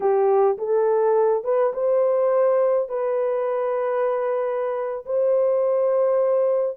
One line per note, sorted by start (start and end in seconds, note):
0.00 0.57 G4
0.58 1.44 A4
1.44 1.73 B4
1.73 2.88 C5
2.88 5.05 B4
5.05 6.77 C5